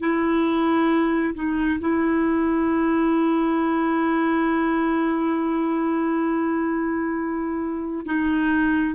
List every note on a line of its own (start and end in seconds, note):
0.00 1.34 E4
1.35 1.80 D#4
1.80 8.06 E4
8.06 8.95 D#4